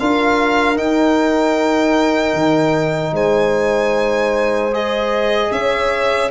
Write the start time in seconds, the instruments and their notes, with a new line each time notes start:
0.00 tuba D4, trombone F4, horn A#4, violin F5
0.77 trombone D#4, tuba D#4, violin G5
2.34 tuba D#3
3.13 tuba G#3, horn C5, violin G#5
4.73 trombone G#4, violin D#5
5.52 tuba C#4, horn C#5, violin E5